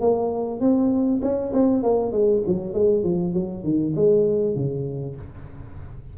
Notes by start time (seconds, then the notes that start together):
0.00 A#3
0.60 C4
1.21 C#4
1.53 C4
1.83 A#3
2.12 G#3
2.46 F#3
2.73 G#3
3.03 F3
3.33 F#3
3.63 D#3
3.95 G#3
4.55 C#3